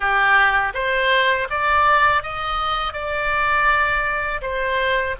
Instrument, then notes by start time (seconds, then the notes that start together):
oboe
0.00 G4
0.74 C5
1.49 D5
2.22 D#5
2.93 D5
4.41 C5